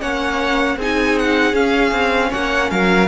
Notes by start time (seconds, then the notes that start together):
0.00 A#3 C#4 C#5 F#5
0.77 C4 D#4 G#4 G#5
1.19 F#5
1.53 C#4 F5
1.92 C4
2.29 A#3 C#5 F#5
2.71 F#3 A#4 F5